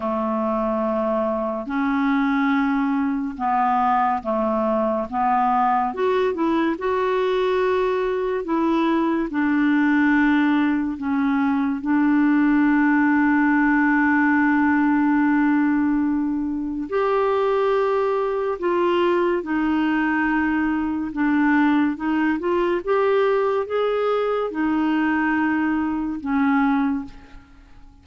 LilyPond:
\new Staff \with { instrumentName = "clarinet" } { \time 4/4 \tempo 4 = 71 a2 cis'2 | b4 a4 b4 fis'8 e'8 | fis'2 e'4 d'4~ | d'4 cis'4 d'2~ |
d'1 | g'2 f'4 dis'4~ | dis'4 d'4 dis'8 f'8 g'4 | gis'4 dis'2 cis'4 | }